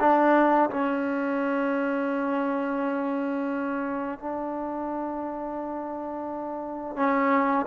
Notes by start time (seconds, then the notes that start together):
0.00 D4
0.70 C#4
4.19 D4
6.96 C#4